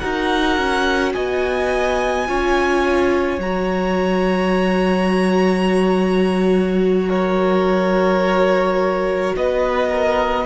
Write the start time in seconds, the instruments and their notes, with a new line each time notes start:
0.00 cello D#4, viola F#4, violin A#4 F#5
0.58 cello C#4
1.13 cello B3, violin D#5 G#5
2.27 cello C#4, viola F4, violin C#5
3.39 cello F#3, viola F#4, violin A#5
7.09 violin A#4 C#5
9.36 cello B3, violin B4 D#5
9.88 violin A#4